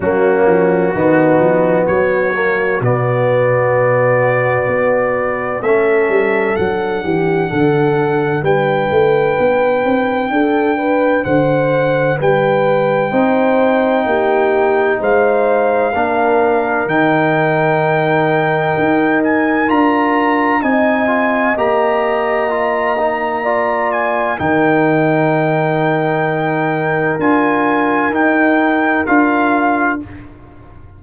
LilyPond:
<<
  \new Staff \with { instrumentName = "trumpet" } { \time 4/4 \tempo 4 = 64 fis'2 cis''4 d''4~ | d''2 e''4 fis''4~ | fis''4 g''2. | fis''4 g''2. |
f''2 g''2~ | g''8 gis''8 ais''4 gis''4 ais''4~ | ais''4. gis''8 g''2~ | g''4 gis''4 g''4 f''4 | }
  \new Staff \with { instrumentName = "horn" } { \time 4/4 cis'4 dis'4 fis'2~ | fis'2 a'4. g'8 | a'4 b'2 a'8 b'8 | c''4 b'4 c''4 g'4 |
c''4 ais'2.~ | ais'2 dis''2~ | dis''4 d''4 ais'2~ | ais'1 | }
  \new Staff \with { instrumentName = "trombone" } { \time 4/4 ais4 b4. ais8 b4~ | b2 cis'4 d'4~ | d'1~ | d'2 dis'2~ |
dis'4 d'4 dis'2~ | dis'4 f'4 dis'8 f'8 g'4 | f'8 dis'8 f'4 dis'2~ | dis'4 f'4 dis'4 f'4 | }
  \new Staff \with { instrumentName = "tuba" } { \time 4/4 fis8 f8 dis8 f8 fis4 b,4~ | b,4 b4 a8 g8 fis8 e8 | d4 g8 a8 b8 c'8 d'4 | d4 g4 c'4 ais4 |
gis4 ais4 dis2 | dis'4 d'4 c'4 ais4~ | ais2 dis2~ | dis4 d'4 dis'4 d'4 | }
>>